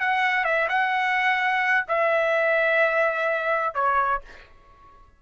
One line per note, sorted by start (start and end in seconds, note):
0.00 0.45 F#5
0.45 0.68 E5
0.69 1.86 F#5
1.88 3.74 E5
3.74 4.21 C#5